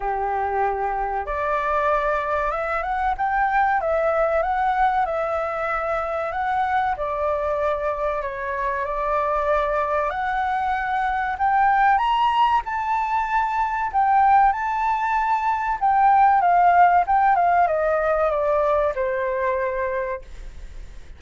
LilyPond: \new Staff \with { instrumentName = "flute" } { \time 4/4 \tempo 4 = 95 g'2 d''2 | e''8 fis''8 g''4 e''4 fis''4 | e''2 fis''4 d''4~ | d''4 cis''4 d''2 |
fis''2 g''4 ais''4 | a''2 g''4 a''4~ | a''4 g''4 f''4 g''8 f''8 | dis''4 d''4 c''2 | }